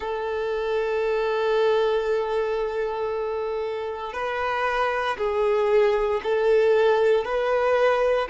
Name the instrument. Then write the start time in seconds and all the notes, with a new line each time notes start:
violin
0.00 A4
4.13 B4
5.17 G#4
6.23 A4
7.24 B4